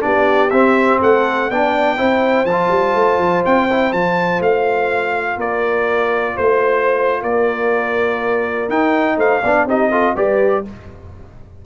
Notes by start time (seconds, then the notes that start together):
0.00 B3 D4 G4 D5
0.50 C4 E5
1.00 A3 A4 F#5
1.50 B3 D4 D5 G5
1.97 C4 E4 C5
2.45 F3 A5
2.51 F4
2.70 G3
2.94 A3
3.18 F3
3.45 C4 G5
3.70 E4
3.92 F3 F4 A5
4.40 A3 F5
5.37 A#3 A#4 D5
6.35 A3 C5
7.21 A#3 A#4 D5
8.68 D#4 G5
9.17 A3 C5 F5
9.41 B3 D4 D5
9.65 C4 D#4 G4 D#5
9.90 F4 A4
10.15 G3 G4 B4 D5